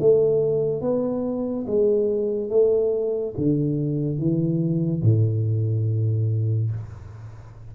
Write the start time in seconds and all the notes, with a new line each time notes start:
0.00 A3
0.81 B3
1.67 G#3
2.50 A3
3.38 D3
4.19 E3
5.03 A2